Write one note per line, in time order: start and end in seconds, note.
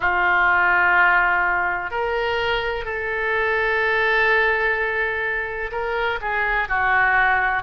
0.00 1.90 F4
1.90 2.84 A#4
2.84 5.70 A4
5.71 6.19 A#4
6.21 6.68 G#4
6.68 7.62 F#4